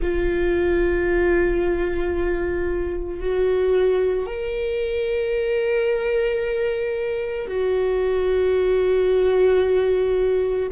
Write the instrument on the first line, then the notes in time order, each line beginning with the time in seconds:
viola
0.02 F4
3.19 F#4
4.26 A#4
7.47 F#4